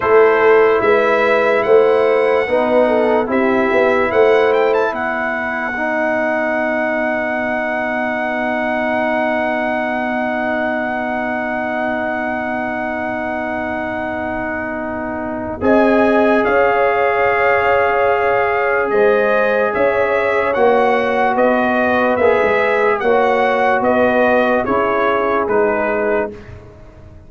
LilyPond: <<
  \new Staff \with { instrumentName = "trumpet" } { \time 4/4 \tempo 4 = 73 c''4 e''4 fis''2 | e''4 fis''8 g''16 a''16 fis''2~ | fis''1~ | fis''1~ |
fis''2. gis''4 | f''2. dis''4 | e''4 fis''4 dis''4 e''4 | fis''4 dis''4 cis''4 b'4 | }
  \new Staff \with { instrumentName = "horn" } { \time 4/4 a'4 b'4 c''4 b'8 a'8 | g'4 c''4 b'2~ | b'1~ | b'1~ |
b'2. dis''4 | cis''2. c''4 | cis''2 b'2 | cis''4 b'4 gis'2 | }
  \new Staff \with { instrumentName = "trombone" } { \time 4/4 e'2. dis'4 | e'2. dis'4~ | dis'1~ | dis'1~ |
dis'2. gis'4~ | gis'1~ | gis'4 fis'2 gis'4 | fis'2 e'4 dis'4 | }
  \new Staff \with { instrumentName = "tuba" } { \time 4/4 a4 gis4 a4 b4 | c'8 b8 a4 b2~ | b1~ | b1~ |
b2. c'4 | cis'2. gis4 | cis'4 ais4 b4 ais16 gis8. | ais4 b4 cis'4 gis4 | }
>>